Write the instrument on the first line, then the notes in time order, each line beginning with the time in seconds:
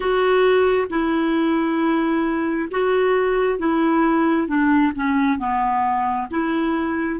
clarinet
0.00 F#4
0.90 E4
2.71 F#4
3.59 E4
4.47 D4
4.95 C#4
5.38 B3
6.30 E4